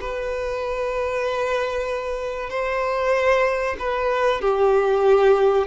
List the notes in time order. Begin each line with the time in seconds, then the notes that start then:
0.00 B4
2.49 C5
3.79 B4
4.41 G4